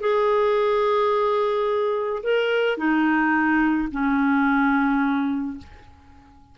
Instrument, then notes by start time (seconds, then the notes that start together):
clarinet
0.00 G#4
2.23 A#4
2.77 D#4
3.91 C#4